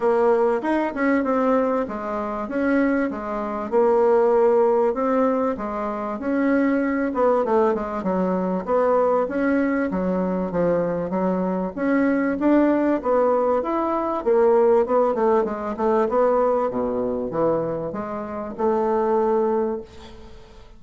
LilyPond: \new Staff \with { instrumentName = "bassoon" } { \time 4/4 \tempo 4 = 97 ais4 dis'8 cis'8 c'4 gis4 | cis'4 gis4 ais2 | c'4 gis4 cis'4. b8 | a8 gis8 fis4 b4 cis'4 |
fis4 f4 fis4 cis'4 | d'4 b4 e'4 ais4 | b8 a8 gis8 a8 b4 b,4 | e4 gis4 a2 | }